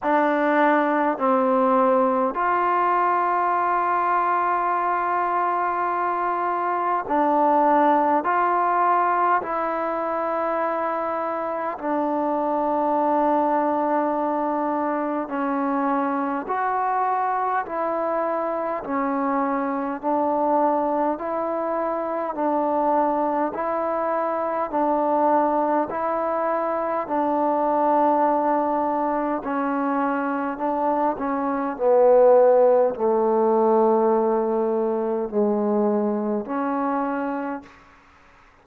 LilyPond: \new Staff \with { instrumentName = "trombone" } { \time 4/4 \tempo 4 = 51 d'4 c'4 f'2~ | f'2 d'4 f'4 | e'2 d'2~ | d'4 cis'4 fis'4 e'4 |
cis'4 d'4 e'4 d'4 | e'4 d'4 e'4 d'4~ | d'4 cis'4 d'8 cis'8 b4 | a2 gis4 cis'4 | }